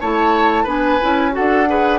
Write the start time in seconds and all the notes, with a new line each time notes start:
0.00 A3 E4 C#5 A5
0.63 B3 D4 B4 G#5
1.01 C#4 E4
1.31 F#4 A4 F#5
1.38 D4
1.67 G#4 B4